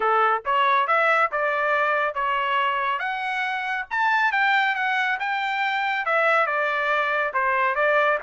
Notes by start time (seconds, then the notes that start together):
0.00 A4
0.45 C#5
0.87 E5
1.31 D5
2.14 C#5
2.99 F#5
3.90 A5
4.32 G5
4.75 F#5
5.19 G5
6.05 E5
6.46 D5
7.33 C5
7.75 D5